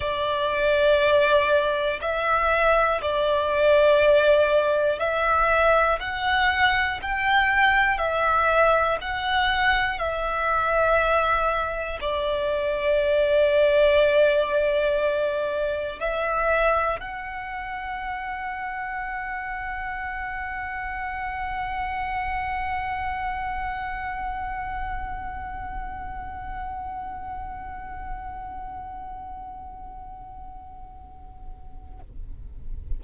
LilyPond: \new Staff \with { instrumentName = "violin" } { \time 4/4 \tempo 4 = 60 d''2 e''4 d''4~ | d''4 e''4 fis''4 g''4 | e''4 fis''4 e''2 | d''1 |
e''4 fis''2.~ | fis''1~ | fis''1~ | fis''1 | }